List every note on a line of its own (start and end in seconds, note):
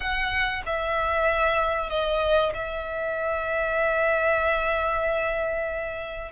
0.00 0.62 F#5
0.66 1.89 E5
1.89 2.52 D#5
2.53 6.31 E5